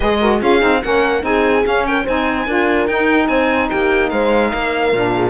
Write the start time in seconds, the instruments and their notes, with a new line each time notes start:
0.00 cello G#3, saxophone G#4, horn B4, violin D#5
0.20 saxophone F#4, horn A#4
0.39 cello C#4, saxophone F4, horn G#4, violin F5
0.60 cello C4, saxophone D#4
0.83 cello A#3, saxophone C#4, horn A#4, violin F#5
1.21 cello C4, saxophone D#4, horn G#4, violin G#5
1.64 saxophone C#4, cello C#4, violin F5
1.86 horn A#4, violin G5
2.04 cello C4, saxophone D#4, horn C5, violin G#5
2.46 cello D4, saxophone F4, horn A#4
2.87 cello D#4, saxophone D#4, violin G5
3.27 cello C4, horn C5, violin G#5
3.69 cello A#3, horn G4, violin G5
4.09 cello G#3, horn C5, violin F5
4.52 cello A#3, horn A#4
4.92 cello A#2, saxophone D4
5.14 horn G#4